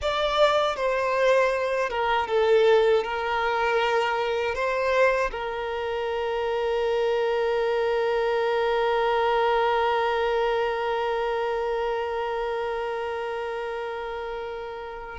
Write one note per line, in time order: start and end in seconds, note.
0.01 0.76 D5
0.76 1.89 C5
1.89 2.27 A#4
2.28 3.03 A4
3.03 4.55 A#4
4.55 5.31 C5
5.31 15.18 A#4